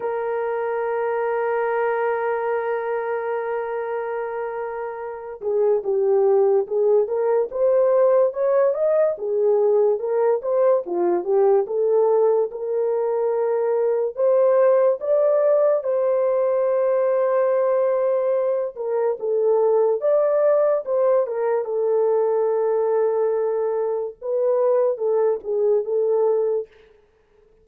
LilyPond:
\new Staff \with { instrumentName = "horn" } { \time 4/4 \tempo 4 = 72 ais'1~ | ais'2~ ais'8 gis'8 g'4 | gis'8 ais'8 c''4 cis''8 dis''8 gis'4 | ais'8 c''8 f'8 g'8 a'4 ais'4~ |
ais'4 c''4 d''4 c''4~ | c''2~ c''8 ais'8 a'4 | d''4 c''8 ais'8 a'2~ | a'4 b'4 a'8 gis'8 a'4 | }